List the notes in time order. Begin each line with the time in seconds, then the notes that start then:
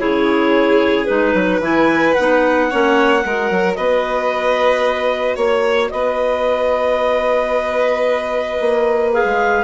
0.00 C#3 E4 G#4 C#5
1.06 G#3 D#4 B4
1.33 F#3 B4
1.61 E3 E4 G#5
2.14 B3 F#5
2.20 D#4
2.70 A#3 C#4 C#5
3.20 G#3 F#4
3.26 A#4
3.51 F#3
3.75 B3 B4 D#5
5.36 A#3 C#5
5.90 B3 B4 D#5
8.61 A#3
9.13 G#4 F5
9.25 G#3